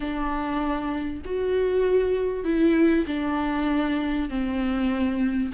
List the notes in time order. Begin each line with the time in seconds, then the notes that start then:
0.00 D4
1.24 F#4
2.44 E4
3.06 D4
4.29 C4